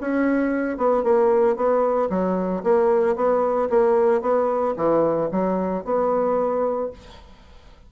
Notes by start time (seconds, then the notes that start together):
0.00 C#4
0.77 B3
1.03 A#3
1.56 B3
2.09 F#3
2.63 A#3
3.15 B3
3.70 A#3
4.21 B3
4.76 E3
5.31 F#3
5.84 B3